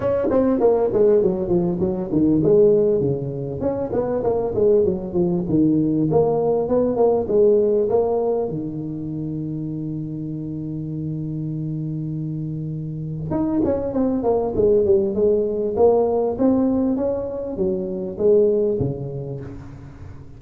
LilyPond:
\new Staff \with { instrumentName = "tuba" } { \time 4/4 \tempo 4 = 99 cis'8 c'8 ais8 gis8 fis8 f8 fis8 dis8 | gis4 cis4 cis'8 b8 ais8 gis8 | fis8 f8 dis4 ais4 b8 ais8 | gis4 ais4 dis2~ |
dis1~ | dis2 dis'8 cis'8 c'8 ais8 | gis8 g8 gis4 ais4 c'4 | cis'4 fis4 gis4 cis4 | }